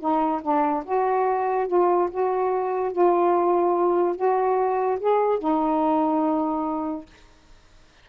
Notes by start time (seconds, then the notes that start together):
0.00 D#4
0.43 D4
0.85 F#4
1.68 F4
2.11 F#4
2.92 F4
4.16 F#4
5.00 G#4
5.39 D#4